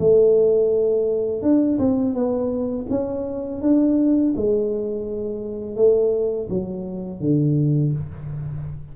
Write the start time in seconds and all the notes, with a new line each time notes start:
0.00 A3
1.42 D4
1.79 C4
2.14 B3
2.90 C#4
3.61 D4
4.37 G#3
5.76 A3
6.50 F#3
7.21 D3